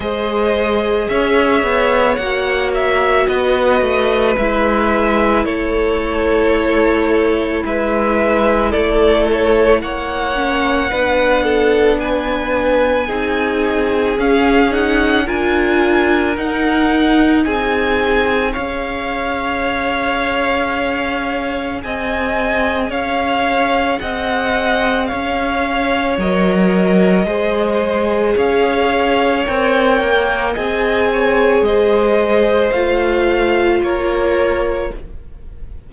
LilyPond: <<
  \new Staff \with { instrumentName = "violin" } { \time 4/4 \tempo 4 = 55 dis''4 e''4 fis''8 e''8 dis''4 | e''4 cis''2 e''4 | d''8 cis''8 fis''2 gis''4~ | gis''4 f''8 fis''8 gis''4 fis''4 |
gis''4 f''2. | gis''4 f''4 fis''4 f''4 | dis''2 f''4 g''4 | gis''4 dis''4 f''4 cis''4 | }
  \new Staff \with { instrumentName = "violin" } { \time 4/4 c''4 cis''2 b'4~ | b'4 a'2 b'4 | a'4 cis''4 b'8 a'8 b'4 | gis'2 ais'2 |
gis'4 cis''2. | dis''4 cis''4 dis''4 cis''4~ | cis''4 c''4 cis''2 | dis''8 cis''8 c''2 ais'4 | }
  \new Staff \with { instrumentName = "viola" } { \time 4/4 gis'2 fis'2 | e'1~ | e'4. cis'8 d'2 | dis'4 cis'8 dis'8 f'4 dis'4~ |
dis'4 gis'2.~ | gis'1 | ais'4 gis'2 ais'4 | gis'2 f'2 | }
  \new Staff \with { instrumentName = "cello" } { \time 4/4 gis4 cis'8 b8 ais4 b8 a8 | gis4 a2 gis4 | a4 ais4 b2 | c'4 cis'4 d'4 dis'4 |
c'4 cis'2. | c'4 cis'4 c'4 cis'4 | fis4 gis4 cis'4 c'8 ais8 | c'4 gis4 a4 ais4 | }
>>